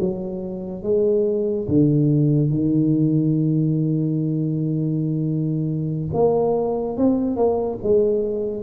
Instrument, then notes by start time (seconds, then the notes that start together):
tuba
0.00 F#3
0.83 G#3
1.68 D3
2.50 D#3
6.13 A#3
6.97 C4
7.36 A#3
7.83 G#3